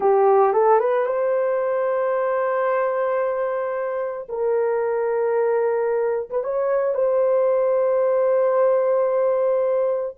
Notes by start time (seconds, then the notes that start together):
0.00 G4
0.53 A4
0.79 B4
1.05 C5
4.29 A#4
6.30 B4
6.43 C#5
6.94 C5